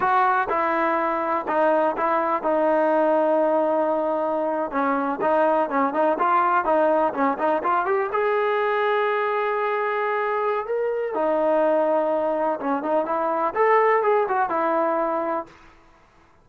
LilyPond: \new Staff \with { instrumentName = "trombone" } { \time 4/4 \tempo 4 = 124 fis'4 e'2 dis'4 | e'4 dis'2.~ | dis'4.~ dis'16 cis'4 dis'4 cis'16~ | cis'16 dis'8 f'4 dis'4 cis'8 dis'8 f'16~ |
f'16 g'8 gis'2.~ gis'16~ | gis'2 ais'4 dis'4~ | dis'2 cis'8 dis'8 e'4 | a'4 gis'8 fis'8 e'2 | }